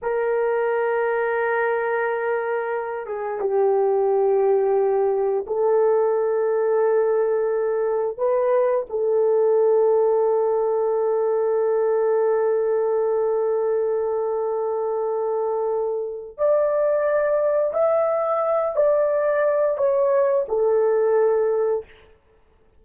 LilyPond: \new Staff \with { instrumentName = "horn" } { \time 4/4 \tempo 4 = 88 ais'1~ | ais'8 gis'8 g'2. | a'1 | b'4 a'2.~ |
a'1~ | a'1 | d''2 e''4. d''8~ | d''4 cis''4 a'2 | }